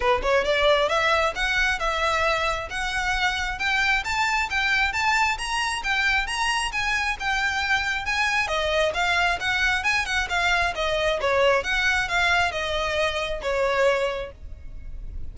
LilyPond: \new Staff \with { instrumentName = "violin" } { \time 4/4 \tempo 4 = 134 b'8 cis''8 d''4 e''4 fis''4 | e''2 fis''2 | g''4 a''4 g''4 a''4 | ais''4 g''4 ais''4 gis''4 |
g''2 gis''4 dis''4 | f''4 fis''4 gis''8 fis''8 f''4 | dis''4 cis''4 fis''4 f''4 | dis''2 cis''2 | }